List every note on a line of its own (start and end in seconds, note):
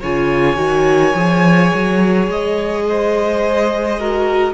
0.00 0.56 C#3
0.00 0.56 F4
0.00 2.83 C#5
0.00 2.29 G#5
0.56 1.13 D#3
0.56 1.12 F#4
1.15 1.71 F3
1.15 3.98 G#4
1.74 2.27 F#3
2.27 4.53 G#3
2.27 4.53 D#5
2.89 3.99 C5
3.99 4.53 F#4
3.99 4.53 A#4